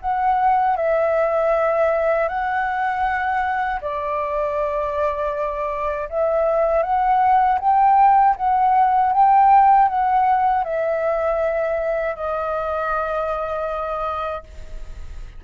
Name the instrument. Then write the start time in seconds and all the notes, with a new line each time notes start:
flute
0.00 F#5
0.76 E5
2.28 F#5
3.81 D5
6.09 E5
6.82 F#5
7.59 G5
8.36 F#5
9.12 G5
9.88 F#5
10.64 E5
12.15 D#5